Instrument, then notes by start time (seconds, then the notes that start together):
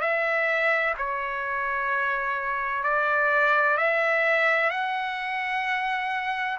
trumpet
0.00 E5
0.98 C#5
2.83 D5
3.77 E5
4.70 F#5